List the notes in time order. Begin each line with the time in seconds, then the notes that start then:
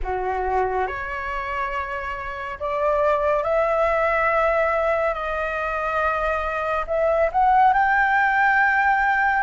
0.02 F#4
0.86 C#5
2.59 D5
3.43 E5
5.14 D#5
6.86 E5
7.32 F#5
7.73 G5